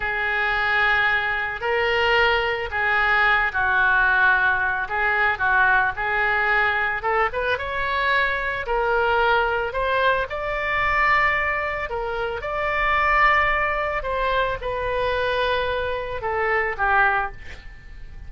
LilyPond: \new Staff \with { instrumentName = "oboe" } { \time 4/4 \tempo 4 = 111 gis'2. ais'4~ | ais'4 gis'4. fis'4.~ | fis'4 gis'4 fis'4 gis'4~ | gis'4 a'8 b'8 cis''2 |
ais'2 c''4 d''4~ | d''2 ais'4 d''4~ | d''2 c''4 b'4~ | b'2 a'4 g'4 | }